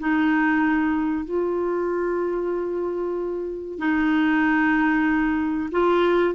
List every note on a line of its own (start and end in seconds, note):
0.00 1.25 D#4
1.25 3.79 F4
3.79 5.70 D#4
5.72 6.35 F4